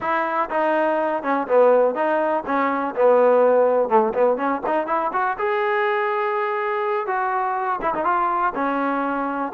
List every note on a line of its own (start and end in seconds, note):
0.00 0.49 E4
0.50 1.23 D#4
1.23 1.47 C#4
1.47 1.94 B3
1.94 2.43 D#4
2.45 2.94 C#4
2.95 3.88 B3
3.88 4.13 A3
4.14 4.37 B3
4.37 4.61 C#4
4.66 4.86 D#4
4.86 5.11 E4
5.13 5.37 F#4
5.38 7.06 G#4
7.06 7.80 F#4
7.81 7.94 E4
7.94 8.04 D#4
8.04 8.53 F4
8.55 9.52 C#4